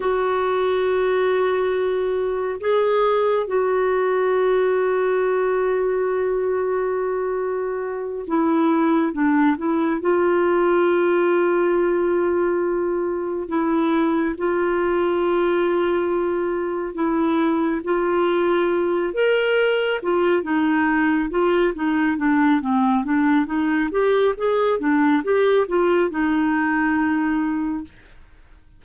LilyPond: \new Staff \with { instrumentName = "clarinet" } { \time 4/4 \tempo 4 = 69 fis'2. gis'4 | fis'1~ | fis'4. e'4 d'8 e'8 f'8~ | f'2.~ f'8 e'8~ |
e'8 f'2. e'8~ | e'8 f'4. ais'4 f'8 dis'8~ | dis'8 f'8 dis'8 d'8 c'8 d'8 dis'8 g'8 | gis'8 d'8 g'8 f'8 dis'2 | }